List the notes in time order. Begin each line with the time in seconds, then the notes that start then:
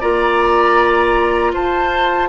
0.00 A#3 F4 D5 A#5
1.53 F4 C5 A5